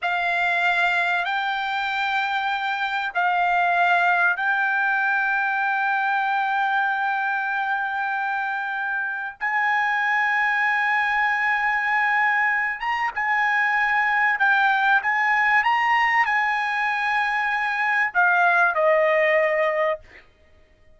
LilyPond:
\new Staff \with { instrumentName = "trumpet" } { \time 4/4 \tempo 4 = 96 f''2 g''2~ | g''4 f''2 g''4~ | g''1~ | g''2. gis''4~ |
gis''1~ | gis''8 ais''8 gis''2 g''4 | gis''4 ais''4 gis''2~ | gis''4 f''4 dis''2 | }